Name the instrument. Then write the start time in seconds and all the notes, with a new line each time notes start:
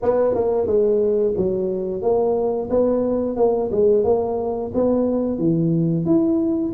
tuba
0.02 B3
0.34 A#3
0.66 G#3
1.37 F#3
2.01 A#3
2.70 B3
3.36 A#3
3.71 G#3
4.04 A#3
4.74 B3
5.38 E3
6.05 E4